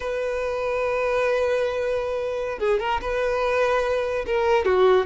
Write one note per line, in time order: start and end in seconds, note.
0.00 2.59 B4
2.59 2.79 G#4
2.79 3.00 A#4
3.01 4.25 B4
4.26 4.65 A#4
4.65 5.06 F#4